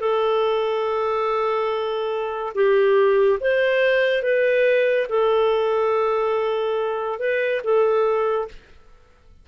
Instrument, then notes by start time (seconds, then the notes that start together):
clarinet
0.00 A4
2.55 G4
3.40 C5
4.23 B4
5.10 A4
7.19 B4
7.64 A4